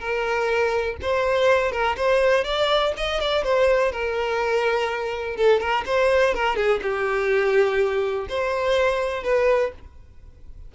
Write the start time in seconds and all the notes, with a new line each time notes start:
0.00 A#4
1.02 C5
1.72 A#4
1.97 C5
2.45 D5
2.97 D#5
3.21 D5
3.44 C5
3.92 A#4
5.37 A4
5.60 A#4
5.86 C5
6.34 A#4
6.56 G#4
6.82 G4
8.29 C5
9.24 B4